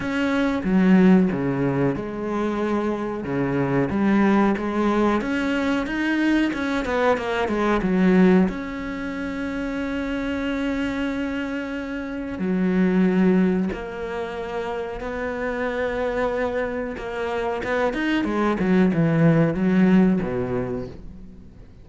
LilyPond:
\new Staff \with { instrumentName = "cello" } { \time 4/4 \tempo 4 = 92 cis'4 fis4 cis4 gis4~ | gis4 cis4 g4 gis4 | cis'4 dis'4 cis'8 b8 ais8 gis8 | fis4 cis'2.~ |
cis'2. fis4~ | fis4 ais2 b4~ | b2 ais4 b8 dis'8 | gis8 fis8 e4 fis4 b,4 | }